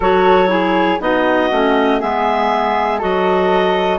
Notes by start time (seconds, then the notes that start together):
0.00 F#3 F#4 A4 C#5
0.47 E4 G#4
0.99 B3 D#4 F#4 D#5
1.50 A3 C#4
1.99 G#3 B3 G#4 E5
2.98 F#3 F#4 A4 D#5